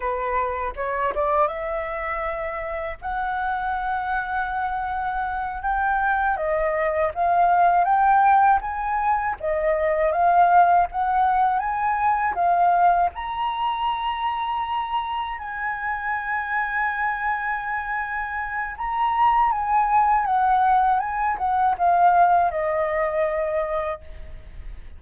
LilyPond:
\new Staff \with { instrumentName = "flute" } { \time 4/4 \tempo 4 = 80 b'4 cis''8 d''8 e''2 | fis''2.~ fis''8 g''8~ | g''8 dis''4 f''4 g''4 gis''8~ | gis''8 dis''4 f''4 fis''4 gis''8~ |
gis''8 f''4 ais''2~ ais''8~ | ais''8 gis''2.~ gis''8~ | gis''4 ais''4 gis''4 fis''4 | gis''8 fis''8 f''4 dis''2 | }